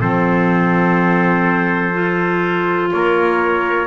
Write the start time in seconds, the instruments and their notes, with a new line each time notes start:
0.00 double bass F3, clarinet C4, trumpet A4 C5
1.94 clarinet F4
2.92 double bass A#3, trumpet A#4 C#5